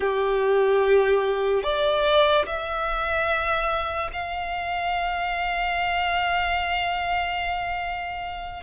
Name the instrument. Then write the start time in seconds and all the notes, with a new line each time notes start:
violin
0.00 G4
1.63 D5
2.45 E5
4.12 F5